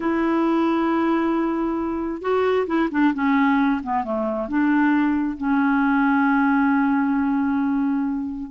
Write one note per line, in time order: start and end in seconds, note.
0.00 2.21 E4
2.21 2.66 F#4
2.66 2.89 E4
2.91 3.13 D4
3.14 3.81 C#4
3.83 4.04 B3
4.04 4.48 A3
4.48 5.37 D4
5.37 8.50 C#4